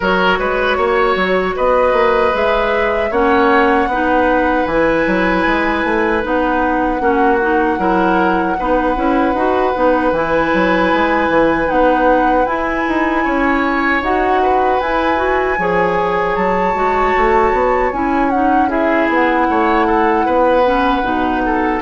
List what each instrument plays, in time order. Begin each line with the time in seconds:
0.00 bassoon F#3, clarinet F#4, oboe A#4, flute C#5
0.39 bassoon G#3, oboe B4
0.77 bassoon A#3, oboe C#5
1.15 bassoon F#3
1.56 bassoon B3, oboe B4, flute D#5
1.92 bassoon A#3
2.33 bassoon G#3, clarinet G#4, flute E5
3.10 bassoon A#3, clarinet C#4, oboe C#5, flute F#5
3.86 bassoon B3, clarinet D#4, oboe B4
4.65 bassoon E3, clarinet E4, flute G#5
5.06 bassoon F#3
5.46 bassoon G#3
5.84 bassoon A3
6.22 bassoon B3, clarinet D#4, flute F#5
6.99 bassoon A#3, clarinet C#4, oboe F#4
7.41 clarinet D#4
7.78 bassoon F#3, clarinet E4, oboe A#4
8.58 bassoon B3, clarinet D#4, oboe B4
8.95 bassoon C#4, clarinet E4
9.34 bassoon D#4, clarinet F#4
9.74 bassoon B3, clarinet D#4
10.11 bassoon E3, clarinet E4, flute G#5
10.54 bassoon F#3
10.93 bassoon G#3
11.28 bassoon E3
11.66 bassoon B3, clarinet D#4, flute F#5
12.45 bassoon E4, clarinet E4, flute G#5
12.87 bassoon D#4
13.24 bassoon C#4, oboe C#5
14.01 bassoon D#4, clarinet F#4, flute F#5
14.42 oboe B4
14.80 bassoon E4, clarinet E4, flute G#5
15.16 clarinet F#4
15.58 bassoon F3, clarinet G#4, oboe C#5
16.35 bassoon F#3, flute A5
16.74 bassoon G#3, clarinet F#4
17.17 bassoon A3
17.52 bassoon B3
17.92 bassoon C#4, clarinet E4, flute G#5
18.30 clarinet D#4, flute F#5
18.68 clarinet E4, oboe G#4, flute E5
19.08 bassoon B3, flute F#5
19.49 bassoon A3, oboe C#5
19.86 oboe A4
20.25 bassoon B3, oboe B4
20.64 clarinet C#4
21.02 bassoon B2, clarinet D#4
21.45 oboe A4